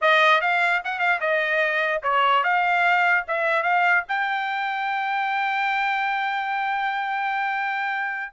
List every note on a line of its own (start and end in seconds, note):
0.01 0.41 D#5
0.41 0.81 F5
0.84 0.99 F#5
0.99 1.19 F5
1.20 2.01 D#5
2.03 2.43 C#5
2.43 3.24 F5
3.27 3.63 E5
3.63 4.03 F5
4.08 8.32 G5